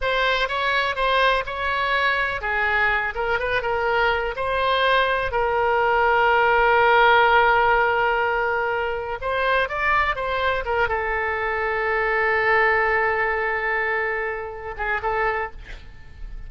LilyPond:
\new Staff \with { instrumentName = "oboe" } { \time 4/4 \tempo 4 = 124 c''4 cis''4 c''4 cis''4~ | cis''4 gis'4. ais'8 b'8 ais'8~ | ais'4 c''2 ais'4~ | ais'1~ |
ais'2. c''4 | d''4 c''4 ais'8 a'4.~ | a'1~ | a'2~ a'8 gis'8 a'4 | }